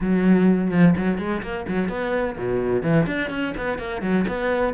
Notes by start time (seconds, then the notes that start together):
0.01 F#3
0.70 F3
0.97 F#3
1.18 G#3
1.42 A#3
1.68 F#3
1.89 B3
2.37 B2
2.83 E3
3.06 D4
3.30 C#4
3.57 B3
3.78 A#3
4.01 F#3
4.28 B3